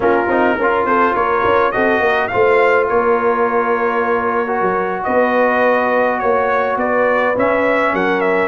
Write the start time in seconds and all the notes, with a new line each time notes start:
0.00 A#3 C#4 F4 A#4
0.28 C4 D#4
0.57 C#4 F4 A#4
0.84 C4 A4 C5
1.14 A#3 A#4 C#5
1.44 C#4
1.71 C4 F#4 A4 D#5
1.99 A#3 A#4
2.27 F4 C5 F5
2.34 A3
2.88 A#3 A#4 C#5
4.47 F#4
4.61 F#3
5.03 B3 B4 D#5
6.19 A#3 C#5
6.76 B3 B4 D5
7.35 C#4 E5
7.93 F#3 A#4 F#5
8.21 E5